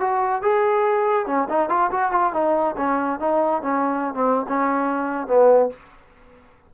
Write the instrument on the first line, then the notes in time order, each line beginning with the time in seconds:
trombone
0.00 F#4
0.42 G#4
1.26 C#4
1.49 D#4
1.69 F4
1.91 F#4
2.12 F4
2.33 D#4
2.77 C#4
3.19 D#4
3.62 C#4
4.14 C4
4.48 C#4
5.27 B3